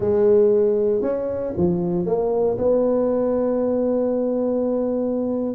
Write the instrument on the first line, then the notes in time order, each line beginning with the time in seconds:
tuba
0.00 G#3
1.01 C#4
1.56 F3
2.05 A#3
2.58 B3